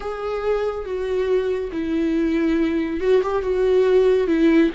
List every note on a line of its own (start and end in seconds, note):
0.00 0.85 G#4
0.85 1.71 F#4
1.71 3.00 E4
3.00 3.21 F#4
3.22 3.42 G4
3.42 4.27 F#4
4.27 4.70 E4